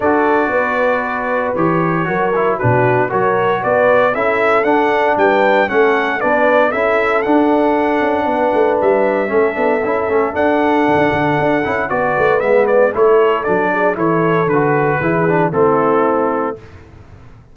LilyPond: <<
  \new Staff \with { instrumentName = "trumpet" } { \time 4/4 \tempo 4 = 116 d''2. cis''4~ | cis''4 b'4 cis''4 d''4 | e''4 fis''4 g''4 fis''4 | d''4 e''4 fis''2~ |
fis''4 e''2. | fis''2. d''4 | e''8 d''8 cis''4 d''4 cis''4 | b'2 a'2 | }
  \new Staff \with { instrumentName = "horn" } { \time 4/4 a'4 b'2. | ais'4 fis'4 ais'4 b'4 | a'2 b'4 a'4 | b'4 a'2. |
b'2 a'2~ | a'2. b'4~ | b'4 a'4. gis'8 a'4~ | a'4 gis'4 e'2 | }
  \new Staff \with { instrumentName = "trombone" } { \time 4/4 fis'2. g'4 | fis'8 e'8 d'4 fis'2 | e'4 d'2 cis'4 | d'4 e'4 d'2~ |
d'2 cis'8 d'8 e'8 cis'8 | d'2~ d'8 e'8 fis'4 | b4 e'4 d'4 e'4 | fis'4 e'8 d'8 c'2 | }
  \new Staff \with { instrumentName = "tuba" } { \time 4/4 d'4 b2 e4 | fis4 b,4 fis4 b4 | cis'4 d'4 g4 a4 | b4 cis'4 d'4. cis'8 |
b8 a8 g4 a8 b8 cis'8 a8 | d'4 d16 d'16 d8 d'8 cis'8 b8 a8 | gis4 a4 fis4 e4 | d4 e4 a2 | }
>>